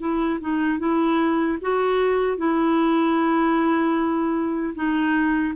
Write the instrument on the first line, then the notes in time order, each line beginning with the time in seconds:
clarinet
0.00 E4
0.41 D#4
0.79 E4
1.61 F#4
2.38 E4
4.75 D#4